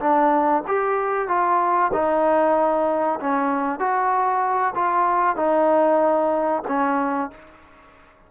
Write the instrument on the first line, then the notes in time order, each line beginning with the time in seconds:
trombone
0.00 D4
0.67 G4
1.28 F4
1.93 D#4
3.20 C#4
3.79 F#4
4.75 F4
5.36 D#4
6.68 C#4